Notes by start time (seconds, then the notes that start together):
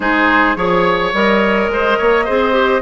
0.00 G#3 D#4 G#4 C5
0.55 F3 G#4 C#5
1.13 G3 A#4 D#5
1.68 G#3 C5
1.98 A#3 C#5
2.24 C4 G#4 C5
2.52 G4